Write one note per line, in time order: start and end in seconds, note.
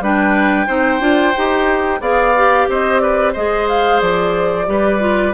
0.00 0.67 G3
0.00 0.67 D4
0.00 0.67 B4
0.00 2.02 G5
0.67 1.00 C4
0.67 1.00 D#4
0.67 2.00 C5
1.00 1.33 D4
1.00 1.33 F4
1.36 2.01 D#4
1.36 2.01 G4
2.01 2.67 B3
2.01 2.34 G#4
2.01 2.67 D5
2.01 2.68 F5
2.36 3.35 G4
2.69 3.35 C4
2.69 3.02 C5
2.69 2.99 D#5
2.99 3.32 B4
2.99 3.32 D5
3.32 4.01 G#3
3.32 4.66 G#4
3.32 4.66 C5
3.32 3.67 D#5
3.68 4.01 F5
4.01 4.67 F3
4.01 5.34 D5
4.66 5.34 G3
4.66 4.99 G4
4.66 5.34 B4
4.99 5.33 F4